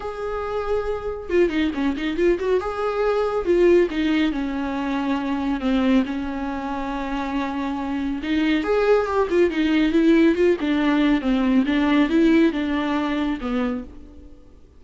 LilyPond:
\new Staff \with { instrumentName = "viola" } { \time 4/4 \tempo 4 = 139 gis'2. f'8 dis'8 | cis'8 dis'8 f'8 fis'8 gis'2 | f'4 dis'4 cis'2~ | cis'4 c'4 cis'2~ |
cis'2. dis'4 | gis'4 g'8 f'8 dis'4 e'4 | f'8 d'4. c'4 d'4 | e'4 d'2 b4 | }